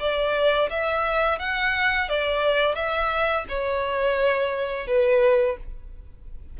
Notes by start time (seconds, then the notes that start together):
0.00 D5
0.70 E5
1.39 F#5
2.09 D5
2.75 E5
3.49 C#5
4.87 B4